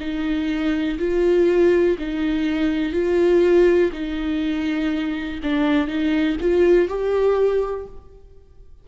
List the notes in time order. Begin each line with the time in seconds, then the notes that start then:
0.00 D#4
0.98 F4
1.99 D#4
2.92 F4
3.93 D#4
5.43 D4
5.87 D#4
6.40 F4
6.89 G4